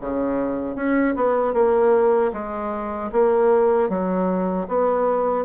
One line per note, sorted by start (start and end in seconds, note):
0.00 0.75 C#3
0.75 1.14 C#4
1.15 1.53 B3
1.53 2.31 A#3
2.33 3.11 G#3
3.12 3.89 A#3
3.89 4.67 F#3
4.68 5.45 B3